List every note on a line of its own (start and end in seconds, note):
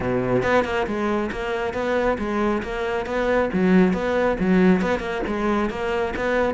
0.00 0.42 B2
0.43 0.64 B3
0.64 0.86 A#3
0.86 1.30 G#3
1.31 1.73 A#3
1.73 2.17 B3
2.18 2.62 G#3
2.63 3.06 A#3
3.06 3.49 B3
3.53 3.93 F#3
3.93 4.37 B3
4.39 4.81 F#3
4.81 4.99 B3
4.99 5.21 A#3
5.26 5.70 G#3
5.70 6.14 A#3
6.16 6.54 B3